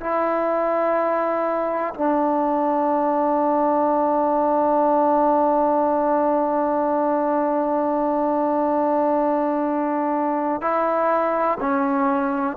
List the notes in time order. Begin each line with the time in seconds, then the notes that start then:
0.00 E4
1.94 D4
10.61 E4
11.60 C#4